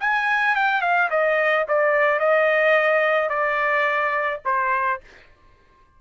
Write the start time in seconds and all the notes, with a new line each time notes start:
0.00 G#5
0.55 G5
0.81 F5
1.10 D#5
1.68 D5
2.19 D#5
3.29 D5
4.45 C5